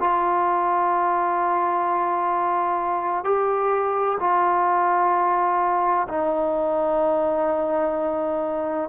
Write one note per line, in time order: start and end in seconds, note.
0.00 3.24 F4
3.24 4.18 G4
4.20 6.08 F4
6.09 8.89 D#4